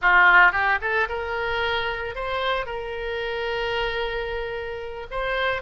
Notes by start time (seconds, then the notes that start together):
0.01 F4
0.52 G4
0.81 A4
1.09 A#4
2.15 C5
2.65 A#4
5.10 C5